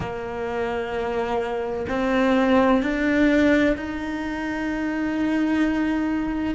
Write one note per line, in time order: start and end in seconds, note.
0.00 1.85 A#3
1.88 2.82 C4
2.82 3.75 D4
3.76 6.54 D#4